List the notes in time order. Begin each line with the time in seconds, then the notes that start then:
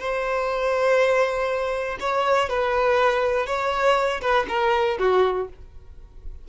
0.00 C5
2.01 C#5
2.50 B4
3.47 C#5
4.21 B4
4.49 A#4
4.99 F#4